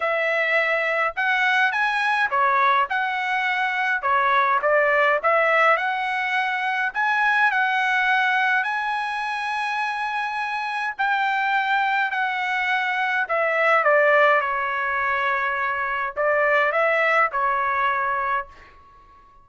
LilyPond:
\new Staff \with { instrumentName = "trumpet" } { \time 4/4 \tempo 4 = 104 e''2 fis''4 gis''4 | cis''4 fis''2 cis''4 | d''4 e''4 fis''2 | gis''4 fis''2 gis''4~ |
gis''2. g''4~ | g''4 fis''2 e''4 | d''4 cis''2. | d''4 e''4 cis''2 | }